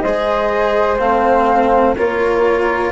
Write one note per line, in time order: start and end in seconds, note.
0.00 0.99 G#3
0.00 0.99 G#4
0.00 1.96 C5
0.00 0.97 D#5
0.99 1.96 A3
0.99 1.96 C4
0.99 1.96 F5
1.96 2.92 A#3
1.96 2.92 F4
1.96 2.92 A#4
1.96 2.92 C#5